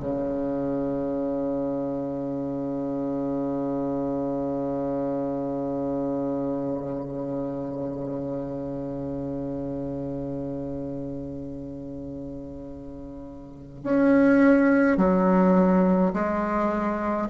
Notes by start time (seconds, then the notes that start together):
0.00 C#3
13.84 C#4
14.97 F#3
16.14 G#3